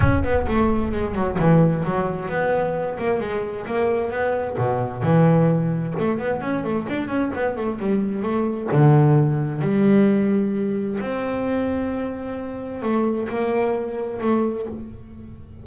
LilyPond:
\new Staff \with { instrumentName = "double bass" } { \time 4/4 \tempo 4 = 131 cis'8 b8 a4 gis8 fis8 e4 | fis4 b4. ais8 gis4 | ais4 b4 b,4 e4~ | e4 a8 b8 cis'8 a8 d'8 cis'8 |
b8 a8 g4 a4 d4~ | d4 g2. | c'1 | a4 ais2 a4 | }